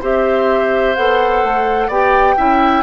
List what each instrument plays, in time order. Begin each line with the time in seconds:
0.00 bassoon C4, clarinet G4, oboe C5, flute E5
0.95 bassoon B3, clarinet A4, flute F#5
1.42 bassoon A3
1.87 bassoon B3, clarinet G4, oboe D5, flute G5
2.36 bassoon C#4, clarinet E4, oboe E5